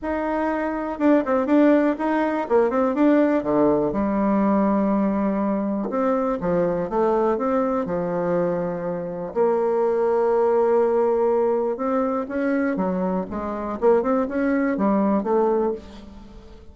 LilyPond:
\new Staff \with { instrumentName = "bassoon" } { \time 4/4 \tempo 4 = 122 dis'2 d'8 c'8 d'4 | dis'4 ais8 c'8 d'4 d4 | g1 | c'4 f4 a4 c'4 |
f2. ais4~ | ais1 | c'4 cis'4 fis4 gis4 | ais8 c'8 cis'4 g4 a4 | }